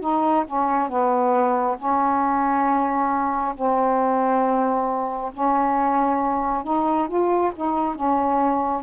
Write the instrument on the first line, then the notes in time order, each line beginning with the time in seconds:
saxophone
0.00 D#4
0.47 C#4
0.89 B3
1.78 C#4
3.55 C4
5.33 C#4
6.64 D#4
7.08 F4
7.55 D#4
7.95 C#4